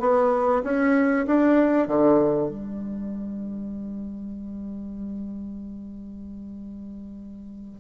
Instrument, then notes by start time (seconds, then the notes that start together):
bassoon
0.00 B3
0.64 C#4
1.27 D4
1.88 D3
2.49 G3